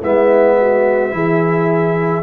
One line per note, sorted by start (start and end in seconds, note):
0.00 1.12 G#3
0.00 1.11 B3
0.00 0.56 E4
0.00 2.23 E5
0.59 1.14 F#4
1.11 2.23 E3
1.11 2.22 E4
1.11 2.23 G#4